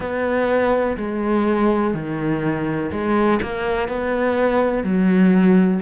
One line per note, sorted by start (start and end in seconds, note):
0.00 0.97 B3
0.97 1.94 G#3
1.94 2.90 D#3
2.91 3.40 G#3
3.42 3.88 A#3
3.88 4.83 B3
4.83 5.80 F#3